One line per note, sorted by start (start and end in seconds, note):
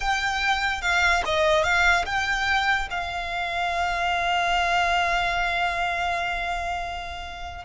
0.00 0.81 G5
0.81 1.22 F5
1.25 1.63 D#5
1.63 2.04 F5
2.05 2.88 G5
2.90 7.65 F5